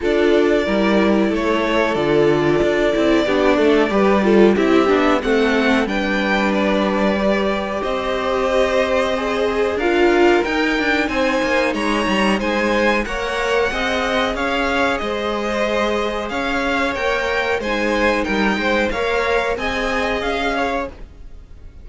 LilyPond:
<<
  \new Staff \with { instrumentName = "violin" } { \time 4/4 \tempo 4 = 92 d''2 cis''4 d''4~ | d''2. e''4 | fis''4 g''4 d''2 | dis''2. f''4 |
g''4 gis''4 ais''4 gis''4 | fis''2 f''4 dis''4~ | dis''4 f''4 g''4 gis''4 | g''4 f''4 gis''4 f''4 | }
  \new Staff \with { instrumentName = "violin" } { \time 4/4 a'4 ais'4 a'2~ | a'4 g'8 a'8 b'8 a'8 g'4 | a'4 b'2. | c''2. ais'4~ |
ais'4 c''4 cis''4 c''4 | cis''4 dis''4 cis''4 c''4~ | c''4 cis''2 c''4 | ais'8 c''8 cis''4 dis''4. cis''8 | }
  \new Staff \with { instrumentName = "viola" } { \time 4/4 f'4 e'2 f'4~ | f'8 e'8 d'4 g'8 f'8 e'8 d'8 | c'4 d'2 g'4~ | g'2 gis'4 f'4 |
dis'1 | ais'4 gis'2.~ | gis'2 ais'4 dis'4~ | dis'4 ais'4 gis'2 | }
  \new Staff \with { instrumentName = "cello" } { \time 4/4 d'4 g4 a4 d4 | d'8 c'8 b8 a8 g4 c'8 b8 | a4 g2. | c'2. d'4 |
dis'8 d'8 c'8 ais8 gis8 g8 gis4 | ais4 c'4 cis'4 gis4~ | gis4 cis'4 ais4 gis4 | g8 gis8 ais4 c'4 cis'4 | }
>>